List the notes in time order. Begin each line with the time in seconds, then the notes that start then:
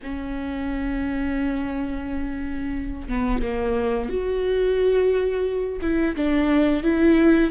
0.02 C#4
3.08 B3
3.42 A#3
4.09 F#4
5.81 E4
6.15 D4
6.83 E4